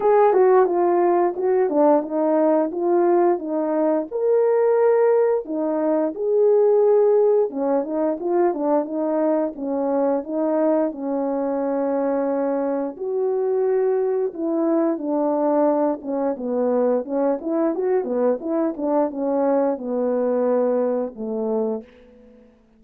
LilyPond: \new Staff \with { instrumentName = "horn" } { \time 4/4 \tempo 4 = 88 gis'8 fis'8 f'4 fis'8 d'8 dis'4 | f'4 dis'4 ais'2 | dis'4 gis'2 cis'8 dis'8 | f'8 d'8 dis'4 cis'4 dis'4 |
cis'2. fis'4~ | fis'4 e'4 d'4. cis'8 | b4 cis'8 e'8 fis'8 b8 e'8 d'8 | cis'4 b2 a4 | }